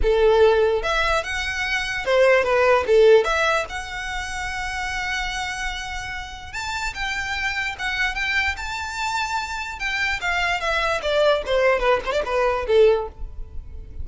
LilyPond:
\new Staff \with { instrumentName = "violin" } { \time 4/4 \tempo 4 = 147 a'2 e''4 fis''4~ | fis''4 c''4 b'4 a'4 | e''4 fis''2.~ | fis''1 |
a''4 g''2 fis''4 | g''4 a''2. | g''4 f''4 e''4 d''4 | c''4 b'8 c''16 d''16 b'4 a'4 | }